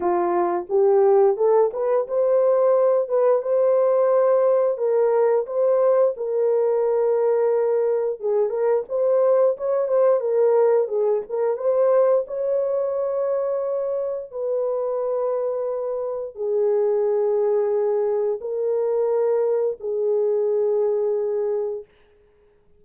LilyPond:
\new Staff \with { instrumentName = "horn" } { \time 4/4 \tempo 4 = 88 f'4 g'4 a'8 b'8 c''4~ | c''8 b'8 c''2 ais'4 | c''4 ais'2. | gis'8 ais'8 c''4 cis''8 c''8 ais'4 |
gis'8 ais'8 c''4 cis''2~ | cis''4 b'2. | gis'2. ais'4~ | ais'4 gis'2. | }